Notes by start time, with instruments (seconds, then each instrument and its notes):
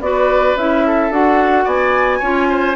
0.00 bassoon B3, clarinet F#4, oboe B4, flute D5
0.56 bassoon C#4, clarinet E4, flute E5
0.87 oboe A4
1.10 bassoon D4, clarinet F#4, flute F#5
1.65 bassoon B3, oboe D5, flute G#5
2.19 bassoon C#4, clarinet F4, oboe C#5
2.50 oboe C5